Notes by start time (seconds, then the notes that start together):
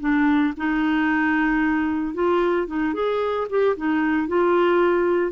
0.00 D4
0.57 D#4
2.14 F4
2.67 D#4
2.94 G#4
3.49 G4
3.76 D#4
4.28 F4